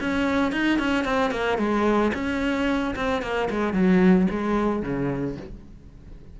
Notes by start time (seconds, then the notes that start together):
0.00 C#4
0.52 D#4
0.79 C#4
1.04 C4
1.31 A#3
1.58 G#3
2.14 C#4
2.95 C4
3.22 A#3
3.50 G#3
3.73 F#3
4.30 G#3
4.82 C#3